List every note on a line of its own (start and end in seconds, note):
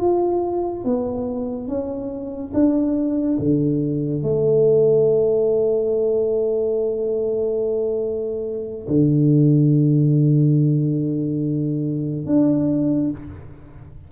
0.00 0.85 F4
0.85 1.68 B3
1.68 2.53 C#4
2.54 3.38 D4
3.39 4.23 D3
4.23 8.88 A3
8.88 12.27 D3
12.27 13.11 D4